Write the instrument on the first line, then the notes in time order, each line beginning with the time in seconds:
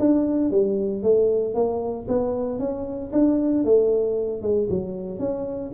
tuba
0.00 D4
0.51 G3
1.03 A3
1.55 A#3
2.08 B3
2.59 C#4
3.13 D4
3.65 A3
4.42 G#3
4.70 F#3
5.19 C#4